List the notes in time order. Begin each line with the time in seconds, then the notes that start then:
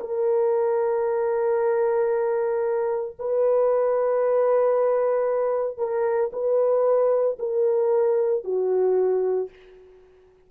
0.00 A#4
3.19 B4
5.78 A#4
6.32 B4
7.38 A#4
8.44 F#4